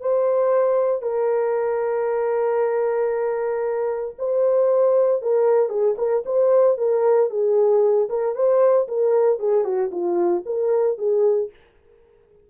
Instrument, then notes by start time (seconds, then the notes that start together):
horn
0.00 C5
1.02 A#4
4.18 C5
5.22 A#4
5.69 G#4
5.97 A#4
6.25 C5
6.78 A#4
7.30 G#4
8.09 A#4
8.35 C5
8.88 A#4
9.39 G#4
9.64 F#4
9.91 F4
10.46 A#4
10.98 G#4